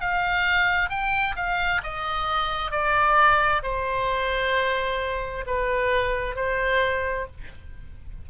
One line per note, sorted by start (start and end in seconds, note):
0.00 0.90 F5
0.90 1.35 G5
1.36 1.81 F5
1.83 2.71 D#5
2.71 3.62 D5
3.63 5.45 C5
5.46 6.35 B4
6.35 7.26 C5